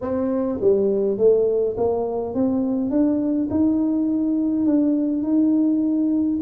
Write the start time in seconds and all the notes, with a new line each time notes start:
0.01 C4
0.60 G3
1.17 A3
1.77 A#3
2.34 C4
2.90 D4
3.50 D#4
4.66 D4
5.23 D#4